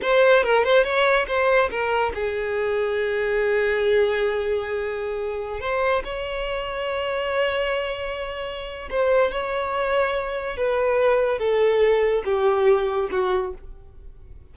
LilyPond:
\new Staff \with { instrumentName = "violin" } { \time 4/4 \tempo 4 = 142 c''4 ais'8 c''8 cis''4 c''4 | ais'4 gis'2.~ | gis'1~ | gis'4~ gis'16 c''4 cis''4.~ cis''16~ |
cis''1~ | cis''4 c''4 cis''2~ | cis''4 b'2 a'4~ | a'4 g'2 fis'4 | }